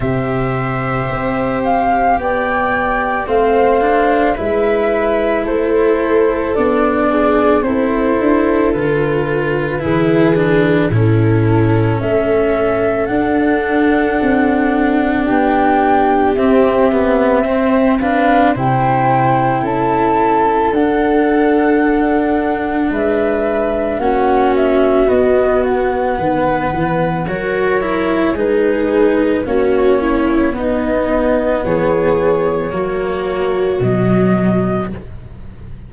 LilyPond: <<
  \new Staff \with { instrumentName = "flute" } { \time 4/4 \tempo 4 = 55 e''4. f''8 g''4 f''4 | e''4 c''4 d''4 c''4 | b'2 a'4 e''4 | fis''2 g''4 e''4~ |
e''8 f''8 g''4 a''4 fis''4~ | fis''4 e''4 fis''8 e''8 dis''8 fis''8~ | fis''4 cis''4 b'4 cis''4 | dis''4 cis''2 dis''4 | }
  \new Staff \with { instrumentName = "viola" } { \time 4/4 c''2 d''4 c''4 | b'4 a'4. gis'8 a'4~ | a'4 gis'4 e'4 a'4~ | a'2 g'2 |
c''8 b'8 c''4 a'2~ | a'4 b'4 fis'2 | b'4 ais'4 gis'4 fis'8 e'8 | dis'4 gis'4 fis'2 | }
  \new Staff \with { instrumentName = "cello" } { \time 4/4 g'2. c'8 d'8 | e'2 d'4 e'4 | f'4 e'8 d'8 cis'2 | d'2. c'8 b8 |
c'8 d'8 e'2 d'4~ | d'2 cis'4 b4~ | b4 fis'8 e'8 dis'4 cis'4 | b2 ais4 fis4 | }
  \new Staff \with { instrumentName = "tuba" } { \time 4/4 c4 c'4 b4 a4 | gis4 a4 b4 c'8 d'8 | d4 e4 a,4 a4 | d'4 c'4 b4 c'4~ |
c'4 c4 cis'4 d'4~ | d'4 gis4 ais4 b4 | dis8 e8 fis4 gis4 ais4 | b4 e4 fis4 b,4 | }
>>